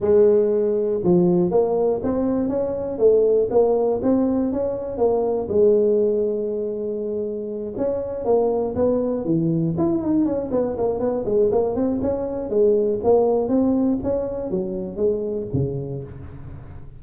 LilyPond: \new Staff \with { instrumentName = "tuba" } { \time 4/4 \tempo 4 = 120 gis2 f4 ais4 | c'4 cis'4 a4 ais4 | c'4 cis'4 ais4 gis4~ | gis2.~ gis8 cis'8~ |
cis'8 ais4 b4 e4 e'8 | dis'8 cis'8 b8 ais8 b8 gis8 ais8 c'8 | cis'4 gis4 ais4 c'4 | cis'4 fis4 gis4 cis4 | }